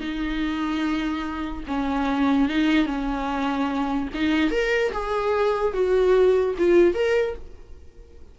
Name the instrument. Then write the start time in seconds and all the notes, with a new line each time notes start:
viola
0.00 D#4
1.67 C#4
2.48 D#4
2.85 C#4
4.14 D#4
4.51 A#4
4.92 G#4
5.73 F#4
6.58 F4
6.94 A#4